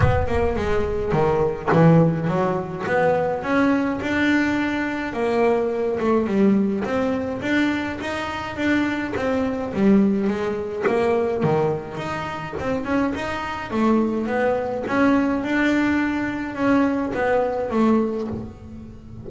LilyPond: \new Staff \with { instrumentName = "double bass" } { \time 4/4 \tempo 4 = 105 b8 ais8 gis4 dis4 e4 | fis4 b4 cis'4 d'4~ | d'4 ais4. a8 g4 | c'4 d'4 dis'4 d'4 |
c'4 g4 gis4 ais4 | dis4 dis'4 c'8 cis'8 dis'4 | a4 b4 cis'4 d'4~ | d'4 cis'4 b4 a4 | }